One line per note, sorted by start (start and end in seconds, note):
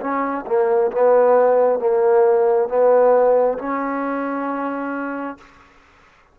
0.00 0.45 C#4
0.46 0.91 A#3
0.91 1.79 B3
1.79 2.68 A#3
2.68 3.57 B3
3.58 5.37 C#4